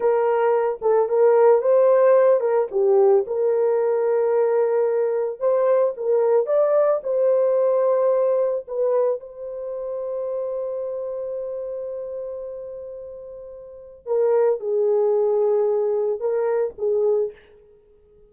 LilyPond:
\new Staff \with { instrumentName = "horn" } { \time 4/4 \tempo 4 = 111 ais'4. a'8 ais'4 c''4~ | c''8 ais'8 g'4 ais'2~ | ais'2 c''4 ais'4 | d''4 c''2. |
b'4 c''2.~ | c''1~ | c''2 ais'4 gis'4~ | gis'2 ais'4 gis'4 | }